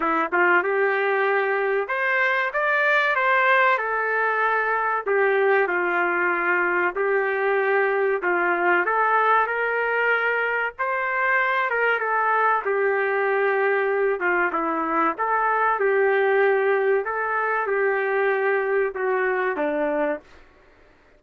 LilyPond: \new Staff \with { instrumentName = "trumpet" } { \time 4/4 \tempo 4 = 95 e'8 f'8 g'2 c''4 | d''4 c''4 a'2 | g'4 f'2 g'4~ | g'4 f'4 a'4 ais'4~ |
ais'4 c''4. ais'8 a'4 | g'2~ g'8 f'8 e'4 | a'4 g'2 a'4 | g'2 fis'4 d'4 | }